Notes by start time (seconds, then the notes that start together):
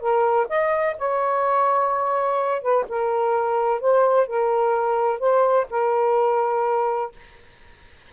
0.00 A#4
0.49 D#5
0.98 C#5
2.62 B4
2.89 A#4
3.81 C5
4.27 A#4
5.19 C5
5.70 A#4